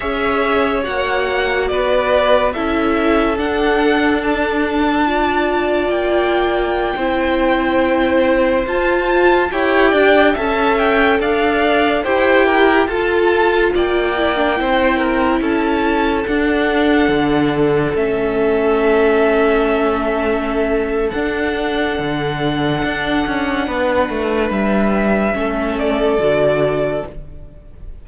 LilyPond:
<<
  \new Staff \with { instrumentName = "violin" } { \time 4/4 \tempo 4 = 71 e''4 fis''4 d''4 e''4 | fis''4 a''2 g''4~ | g''2~ g''16 a''4 g''8.~ | g''16 a''8 g''8 f''4 g''4 a''8.~ |
a''16 g''2 a''4 fis''8.~ | fis''4~ fis''16 e''2~ e''8.~ | e''4 fis''2.~ | fis''4 e''4. d''4. | }
  \new Staff \with { instrumentName = "violin" } { \time 4/4 cis''2 b'4 a'4~ | a'2 d''2~ | d''16 c''2. cis''8 d''16~ | d''16 e''4 d''4 c''8 ais'8 a'8.~ |
a'16 d''4 c''8 ais'8 a'4.~ a'16~ | a'1~ | a'1 | b'2 a'2 | }
  \new Staff \with { instrumentName = "viola" } { \time 4/4 gis'4 fis'2 e'4 | d'2 f'2~ | f'16 e'2 f'4 g'8.~ | g'16 a'2 g'4 f'8.~ |
f'8. e'16 d'16 e'2 d'8.~ | d'4~ d'16 cis'2~ cis'8.~ | cis'4 d'2.~ | d'2 cis'4 fis'4 | }
  \new Staff \with { instrumentName = "cello" } { \time 4/4 cis'4 ais4 b4 cis'4 | d'2. ais4~ | ais16 c'2 f'4 e'8 d'16~ | d'16 cis'4 d'4 e'4 f'8.~ |
f'16 ais4 c'4 cis'4 d'8.~ | d'16 d4 a2~ a8.~ | a4 d'4 d4 d'8 cis'8 | b8 a8 g4 a4 d4 | }
>>